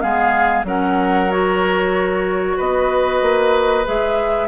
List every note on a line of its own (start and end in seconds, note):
0.00 0.64 G#3
0.00 0.64 B3
0.00 0.66 G#4
0.00 0.64 F5
0.64 2.55 F#3
0.64 1.30 C#4
0.64 2.57 A#4
0.64 1.31 F#5
1.30 3.85 F#4
1.30 2.58 C#5
2.57 3.22 B3
2.57 4.47 B4
2.57 3.86 D#5
3.22 3.86 A#3
3.85 4.47 G#3
3.85 4.47 G#4
3.85 4.47 E5